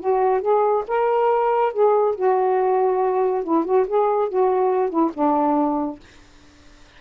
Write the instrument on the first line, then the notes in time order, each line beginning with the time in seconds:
saxophone
0.00 F#4
0.41 G#4
0.88 A#4
1.73 G#4
2.15 F#4
3.44 E4
3.65 F#4
3.87 G#4
4.29 F#4
4.90 E4
5.14 D4